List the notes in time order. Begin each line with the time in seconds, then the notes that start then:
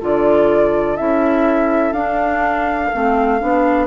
0.00 D3 F4 A4 D5
0.97 C#4 E4 E5
1.92 D4 F5
2.93 A3 C4
3.40 B3 D4